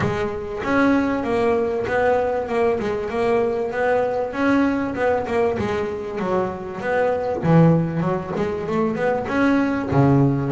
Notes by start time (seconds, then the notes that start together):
0.00 G#3
0.63 C#4
1.23 A#3
1.86 B3
2.48 A#3
2.79 G#3
3.09 A#3
3.71 B3
4.32 C#4
4.95 B3
5.26 A#3
5.58 G#3
6.19 F#3
6.80 B3
7.43 E3
8.00 F#3
8.35 G#3
8.66 A3
8.95 B3
9.27 C#4
9.91 C#3